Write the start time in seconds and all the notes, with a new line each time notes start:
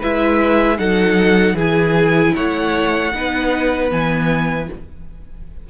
0.00 G#3 E4 B4 E5
0.78 F#3 D#4 A4 F#5
1.54 E3 E4 G#4 G#5
2.36 A3 C#5 F#5
3.14 B3 D#4 B4
3.90 E3 B3 G#5